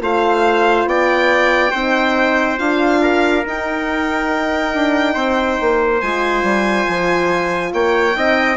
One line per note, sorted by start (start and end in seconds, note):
0.00 0.85 A3
0.00 1.72 F4
0.00 0.88 C5
0.00 0.88 F5
0.85 1.71 B3
0.85 1.71 D5
0.85 2.58 G5
1.71 2.59 C4
1.71 2.57 D#4
1.71 3.00 C5
2.57 3.44 D4
2.57 3.43 F4
2.57 3.44 F5
3.01 5.13 A#4
3.45 4.73 D#4
3.45 6.02 D#4
3.45 6.00 G5
4.73 5.15 D4
5.13 5.58 C4
5.13 7.71 C5
5.60 6.01 A#3
6.00 6.42 G#3
6.00 8.14 F4
6.00 7.72 G#5
6.42 6.85 G3
6.87 7.72 F3
7.72 8.15 A#3
7.72 8.16 C#5
7.72 8.57 G5
8.14 8.57 C4
8.14 8.57 D#4
8.14 8.57 D#5